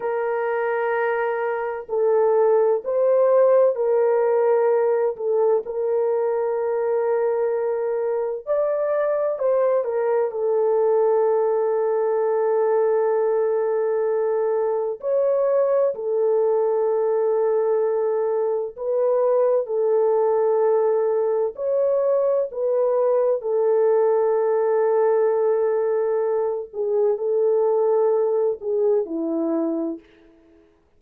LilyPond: \new Staff \with { instrumentName = "horn" } { \time 4/4 \tempo 4 = 64 ais'2 a'4 c''4 | ais'4. a'8 ais'2~ | ais'4 d''4 c''8 ais'8 a'4~ | a'1 |
cis''4 a'2. | b'4 a'2 cis''4 | b'4 a'2.~ | a'8 gis'8 a'4. gis'8 e'4 | }